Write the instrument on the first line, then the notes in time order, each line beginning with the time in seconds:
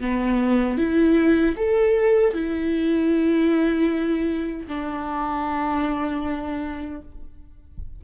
viola
0.00 B3
0.78 E4
1.56 A4
2.33 E4
4.67 D4